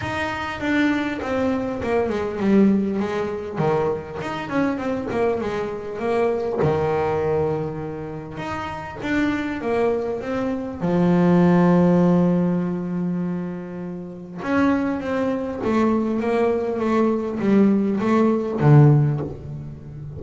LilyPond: \new Staff \with { instrumentName = "double bass" } { \time 4/4 \tempo 4 = 100 dis'4 d'4 c'4 ais8 gis8 | g4 gis4 dis4 dis'8 cis'8 | c'8 ais8 gis4 ais4 dis4~ | dis2 dis'4 d'4 |
ais4 c'4 f2~ | f1 | cis'4 c'4 a4 ais4 | a4 g4 a4 d4 | }